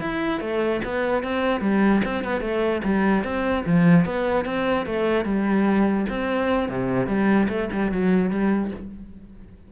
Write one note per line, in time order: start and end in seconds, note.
0.00 0.40 E4
0.40 0.81 A3
0.84 1.23 B3
1.23 1.61 C4
1.61 2.01 G3
2.04 2.24 C4
2.24 2.41 B3
2.41 2.81 A3
2.84 3.24 G3
3.24 3.64 C4
3.66 4.05 F3
4.05 4.45 B3
4.45 4.86 C4
4.86 5.25 A3
5.25 6.06 G3
6.09 6.69 C4
6.69 7.07 C3
7.07 7.47 G3
7.48 7.69 A3
7.72 7.91 G3
7.91 8.30 F#3
8.30 8.71 G3